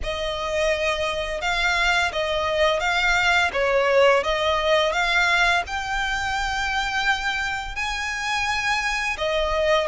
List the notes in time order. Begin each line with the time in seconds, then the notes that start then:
0.03 D#5
1.41 F5
2.12 D#5
2.80 F5
3.53 C#5
4.24 D#5
4.92 F5
5.66 G5
7.75 G#5
9.17 D#5